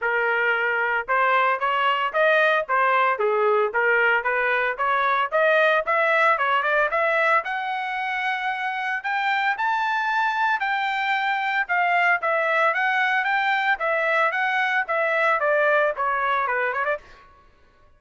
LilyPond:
\new Staff \with { instrumentName = "trumpet" } { \time 4/4 \tempo 4 = 113 ais'2 c''4 cis''4 | dis''4 c''4 gis'4 ais'4 | b'4 cis''4 dis''4 e''4 | cis''8 d''8 e''4 fis''2~ |
fis''4 g''4 a''2 | g''2 f''4 e''4 | fis''4 g''4 e''4 fis''4 | e''4 d''4 cis''4 b'8 cis''16 d''16 | }